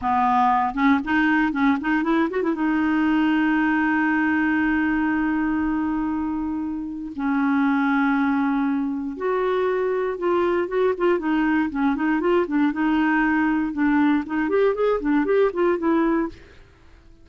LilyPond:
\new Staff \with { instrumentName = "clarinet" } { \time 4/4 \tempo 4 = 118 b4. cis'8 dis'4 cis'8 dis'8 | e'8 fis'16 e'16 dis'2.~ | dis'1~ | dis'2 cis'2~ |
cis'2 fis'2 | f'4 fis'8 f'8 dis'4 cis'8 dis'8 | f'8 d'8 dis'2 d'4 | dis'8 g'8 gis'8 d'8 g'8 f'8 e'4 | }